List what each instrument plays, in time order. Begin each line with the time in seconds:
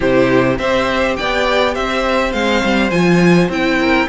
0.00 cello C3, viola E4, violin G4 C5
0.57 cello C4, viola G4, violin C5 E5
1.16 cello B3, violin D5 G5
1.74 cello C4, violin C5 E5
2.31 cello G#3, viola C4, violin F5
2.64 cello G3
2.90 cello F3, viola F4, violin G#5
3.49 cello C4, viola E4, violin G5
3.79 violin A#4